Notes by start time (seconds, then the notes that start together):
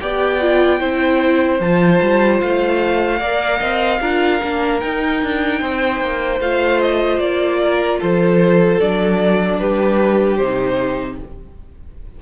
0.00 B3 G4 D5 G5
0.41 F4
0.80 C4 E4 C5
1.60 F3 F4 A5
2.02 G3
2.41 A3 F5
3.19 A#3 A#4 D5
3.59 C4 D#5
4.01 D4 F4 A#4
4.42 A#3 D4
4.80 D#4 G5
5.23 D4
5.60 C4 C5
6.00 A#3
6.40 A3 F4 F5
6.81 D#5
7.19 A#3 D5
7.64 A#4
8.00 F3 A4 C5
8.80 F#3 D4 D5
9.59 G3 G4 B4
10.37 C3 D#4 C5